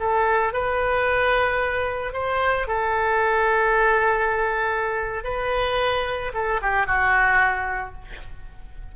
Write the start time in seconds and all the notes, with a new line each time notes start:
0.00 A4
0.54 B4
2.14 C5
2.68 A4
5.24 B4
6.34 A4
6.62 G4
6.87 F#4